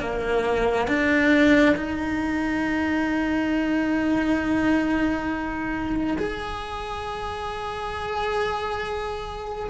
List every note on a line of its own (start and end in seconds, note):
0.00 0.88 A#3
0.88 1.76 D4
1.76 6.18 D#4
6.18 9.70 G#4